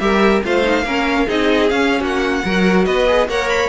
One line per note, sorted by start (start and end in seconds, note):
0.00 0.43 G3
0.00 0.43 G4
0.00 0.45 A#4
0.00 0.42 E5
0.44 0.84 A3
0.44 0.64 F4
0.44 0.84 C5
0.44 1.29 F5
0.64 0.85 D#4
0.84 1.26 A#3
0.84 1.27 C#4
0.84 1.27 A#4
1.27 1.72 C4
1.27 1.70 D#4
1.27 2.00 G#4
1.27 1.70 D#5
1.70 2.44 C#4
1.70 2.01 C#4
1.70 2.02 F5
2.00 2.43 A#3
2.00 2.43 F#4
2.00 2.85 F#5
2.45 2.87 F#3
2.45 3.08 F#4
2.45 2.85 A#4
2.85 3.29 B3
2.85 3.28 B4
2.85 3.28 D#5
3.08 3.29 G#4
3.29 3.70 A#3
3.29 3.70 A#4
3.29 3.70 C#5
3.29 3.49 F#5
3.49 3.70 B5